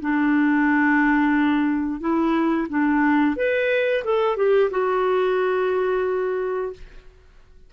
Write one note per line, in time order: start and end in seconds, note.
0.00 2.00 D4
2.00 2.67 E4
2.68 3.36 D4
3.36 4.03 B4
4.04 4.36 A4
4.36 4.70 G4
4.70 6.72 F#4